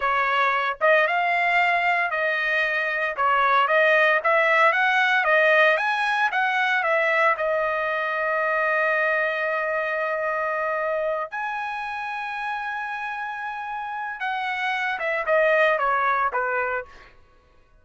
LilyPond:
\new Staff \with { instrumentName = "trumpet" } { \time 4/4 \tempo 4 = 114 cis''4. dis''8 f''2 | dis''2 cis''4 dis''4 | e''4 fis''4 dis''4 gis''4 | fis''4 e''4 dis''2~ |
dis''1~ | dis''4. gis''2~ gis''8~ | gis''2. fis''4~ | fis''8 e''8 dis''4 cis''4 b'4 | }